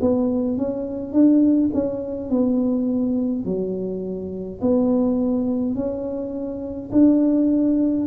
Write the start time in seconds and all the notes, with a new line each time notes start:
0.00 B3
0.57 C#4
1.12 D4
1.74 C#4
2.30 B3
3.45 F#3
4.61 B3
5.75 C#4
6.92 D4